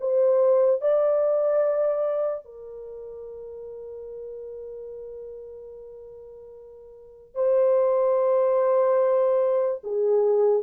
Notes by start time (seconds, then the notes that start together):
0.00 C5
0.81 D5
2.45 A#4
7.35 C5
9.83 G#4